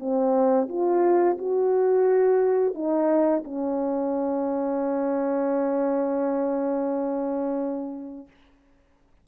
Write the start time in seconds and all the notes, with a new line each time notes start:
0.00 C4
0.69 F4
1.38 F#4
2.75 D#4
3.45 C#4